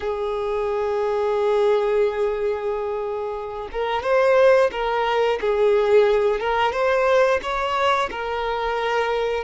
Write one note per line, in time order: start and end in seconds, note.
0.00 3.68 G#4
3.71 4.03 A#4
4.03 4.70 C5
4.71 5.39 A#4
5.40 6.40 G#4
6.40 6.72 A#4
6.72 7.40 C5
7.42 8.09 C#5
8.11 9.44 A#4